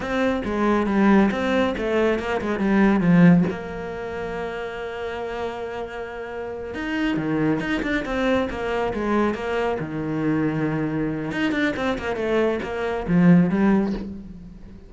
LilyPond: \new Staff \with { instrumentName = "cello" } { \time 4/4 \tempo 4 = 138 c'4 gis4 g4 c'4 | a4 ais8 gis8 g4 f4 | ais1~ | ais2.~ ais8 dis'8~ |
dis'8 dis4 dis'8 d'8 c'4 ais8~ | ais8 gis4 ais4 dis4.~ | dis2 dis'8 d'8 c'8 ais8 | a4 ais4 f4 g4 | }